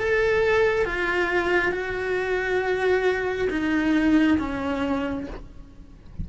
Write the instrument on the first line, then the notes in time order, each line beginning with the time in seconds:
cello
0.00 A4
0.86 F4
1.72 F#4
3.51 D#4
4.39 C#4